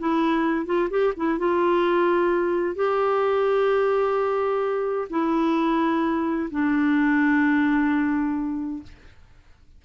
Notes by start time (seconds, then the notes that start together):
0.00 E4
0.66 F4
0.90 G4
1.17 E4
1.39 F4
2.76 G4
5.10 E4
6.51 D4